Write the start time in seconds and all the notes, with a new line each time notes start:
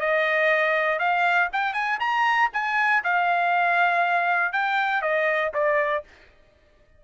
0.00 D#5
0.99 F5
1.52 G5
1.73 G#5
2.00 A#5
2.53 G#5
3.04 F5
4.52 G5
5.02 D#5
5.54 D5